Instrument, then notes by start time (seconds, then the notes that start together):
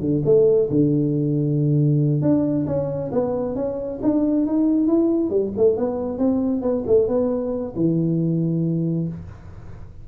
tuba
0.00 D3
0.25 A3
0.70 D3
2.22 D4
2.67 C#4
3.12 B3
3.55 C#4
4.02 D4
4.46 D#4
4.87 E4
5.30 G3
5.57 A3
5.77 B3
6.18 C4
6.62 B3
6.87 A3
7.08 B3
7.76 E3